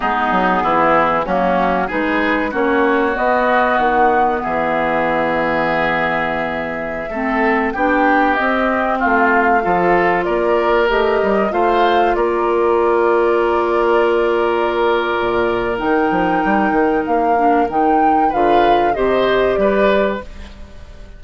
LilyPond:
<<
  \new Staff \with { instrumentName = "flute" } { \time 4/4 \tempo 4 = 95 gis'2 fis'4 b'4 | cis''4 dis''4 fis''4 e''4~ | e''1~ | e''16 g''4 dis''4 f''4.~ f''16~ |
f''16 d''4 dis''4 f''4 d''8.~ | d''1~ | d''4 g''2 f''4 | g''4 f''4 dis''4 d''4 | }
  \new Staff \with { instrumentName = "oboe" } { \time 4/4 dis'4 e'4 cis'4 gis'4 | fis'2. gis'4~ | gis'2.~ gis'16 a'8.~ | a'16 g'2 f'4 a'8.~ |
a'16 ais'2 c''4 ais'8.~ | ais'1~ | ais'1~ | ais'4 b'4 c''4 b'4 | }
  \new Staff \with { instrumentName = "clarinet" } { \time 4/4 b2 ais4 dis'4 | cis'4 b2.~ | b2.~ b16 c'8.~ | c'16 d'4 c'2 f'8.~ |
f'4~ f'16 g'4 f'4.~ f'16~ | f'1~ | f'4 dis'2~ dis'8 d'8 | dis'4 f'4 g'2 | }
  \new Staff \with { instrumentName = "bassoon" } { \time 4/4 gis8 fis8 e4 fis4 gis4 | ais4 b4 dis4 e4~ | e2.~ e16 a8.~ | a16 b4 c'4 a4 f8.~ |
f16 ais4 a8 g8 a4 ais8.~ | ais1 | ais,4 dis8 f8 g8 dis8 ais4 | dis4 d4 c4 g4 | }
>>